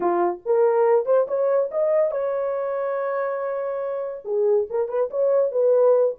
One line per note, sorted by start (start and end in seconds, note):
0.00 0.40 F4
0.45 1.05 A#4
1.05 1.26 C5
1.27 1.70 C#5
1.71 2.11 D#5
2.11 4.23 C#5
4.25 4.67 G#4
4.69 4.88 A#4
4.88 5.09 B4
5.10 5.51 C#5
5.51 6.15 B4